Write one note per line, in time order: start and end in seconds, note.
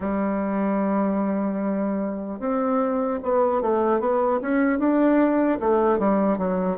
0.00 2.39 G3
2.39 3.19 C4
3.23 3.61 B3
3.61 4.00 A3
4.00 4.40 B3
4.41 4.79 C#4
4.79 5.59 D4
5.60 5.98 A3
5.98 6.37 G3
6.37 6.77 F#3